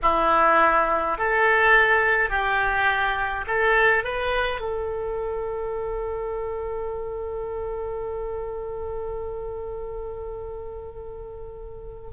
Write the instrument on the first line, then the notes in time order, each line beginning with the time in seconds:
oboe
0.02 E4
1.17 A4
2.29 G4
3.47 A4
4.04 B4
4.60 A4